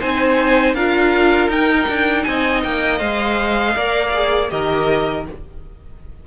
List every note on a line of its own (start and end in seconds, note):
0.00 0.74 C4
0.00 0.75 D#4
0.00 0.75 C5
0.00 0.74 G#5
0.74 1.48 D4
0.74 1.52 F4
0.74 2.25 A#4
0.74 1.49 F5
1.48 1.85 D#4
1.48 2.98 D#4
1.48 2.23 G5
1.88 2.25 D4
2.23 2.64 C4
2.23 3.77 D#5
2.23 2.61 G#5
2.63 3.01 A#3
2.63 2.99 G5
2.98 3.76 G#3
2.98 3.73 C5
2.98 4.49 F5
3.76 4.51 A#3
3.76 4.13 A#4
3.76 4.52 D5
4.14 4.50 G#4
4.50 5.27 D#3
4.50 5.25 G4
4.50 5.27 A#4
4.50 5.25 D#5